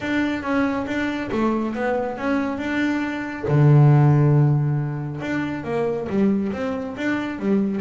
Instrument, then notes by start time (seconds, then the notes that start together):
double bass
0.00 D4
0.42 C#4
0.86 D4
1.31 A3
1.74 B3
2.17 C#4
2.58 D4
3.47 D3
5.21 D4
5.64 A#3
6.09 G3
6.52 C4
6.96 D4
7.39 G3